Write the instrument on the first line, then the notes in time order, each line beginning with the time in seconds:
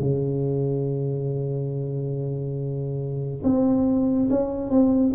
tuba
0.00 C#3
3.43 C4
4.31 C#4
4.70 C4